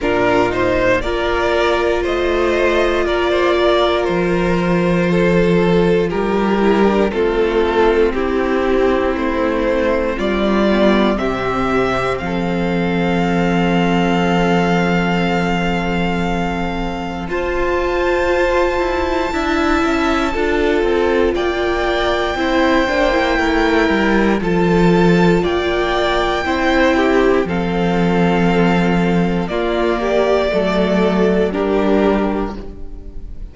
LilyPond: <<
  \new Staff \with { instrumentName = "violin" } { \time 4/4 \tempo 4 = 59 ais'8 c''8 d''4 dis''4 d''4 | c''2 ais'4 a'4 | g'4 c''4 d''4 e''4 | f''1~ |
f''4 a''2.~ | a''4 g''2. | a''4 g''2 f''4~ | f''4 d''2 ais'4 | }
  \new Staff \with { instrumentName = "violin" } { \time 4/4 f'4 ais'4 c''4 ais'16 c''16 ais'8~ | ais'4 a'4 g'4 f'4 | e'2 f'4 g'4 | a'1~ |
a'4 c''2 e''4 | a'4 d''4 c''4 ais'4 | a'4 d''4 c''8 g'8 a'4~ | a'4 f'8 g'8 a'4 g'4 | }
  \new Staff \with { instrumentName = "viola" } { \time 4/4 d'8 dis'8 f'2.~ | f'2~ f'8 e'16 d'16 c'4~ | c'2~ c'8 b8 c'4~ | c'1~ |
c'4 f'2 e'4 | f'2 e'8 d'16 e'4~ e'16 | f'2 e'4 c'4~ | c'4 ais4 a4 d'4 | }
  \new Staff \with { instrumentName = "cello" } { \time 4/4 ais,4 ais4 a4 ais4 | f2 g4 a4 | c'4 a4 g4 c4 | f1~ |
f4 f'4. e'8 d'8 cis'8 | d'8 c'8 ais4 c'8 ais8 a8 g8 | f4 ais4 c'4 f4~ | f4 ais4 fis4 g4 | }
>>